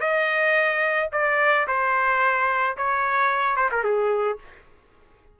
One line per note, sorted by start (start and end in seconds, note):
0.00 1.09 D#5
1.12 1.67 D5
1.67 2.76 C5
2.77 3.56 C#5
3.56 3.69 C5
3.71 3.83 A#4
3.83 4.38 G#4